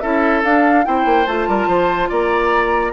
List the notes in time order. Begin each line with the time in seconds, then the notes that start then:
0.00 C#4 E4 A4 E5
0.43 D4 F5
0.84 C4 E4 C5 G5
1.05 A#3
1.26 A3 F4 A5
1.48 G3 A#4
1.67 F3 C5
2.09 A#3 D5 A#5